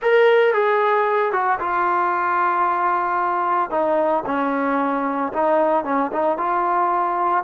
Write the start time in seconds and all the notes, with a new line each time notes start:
0.01 A#4
0.53 G#4
1.32 F#4
1.59 F4
3.70 D#4
4.26 C#4
5.32 D#4
5.84 C#4
6.12 D#4
6.37 F4